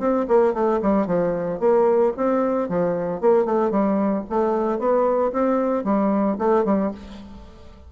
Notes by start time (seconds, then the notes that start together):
0.00 C4
0.28 A#3
0.54 A3
0.82 G3
1.07 F3
1.60 A#3
2.17 C4
2.69 F3
3.21 A#3
3.46 A3
3.71 G3
4.30 A3
4.79 B3
5.33 C4
5.85 G3
6.39 A3
6.65 G3